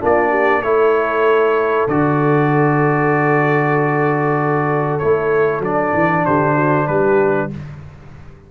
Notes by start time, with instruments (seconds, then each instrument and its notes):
0.00 tuba A#3, trombone D4, horn F4, trumpet D5
0.30 horn G4
0.62 tuba A3, trombone E4, horn A4, trumpet C#5
1.88 tuba D3, trombone F#4, trumpet D5
4.99 tuba A3, trombone E4, trumpet C#5
5.60 tuba F#3, trombone D4, trumpet D5
5.94 tuba E3
6.25 tuba D3, horn G4, trumpet C5
6.55 horn F#4
6.88 tuba G3, horn G4, trumpet B4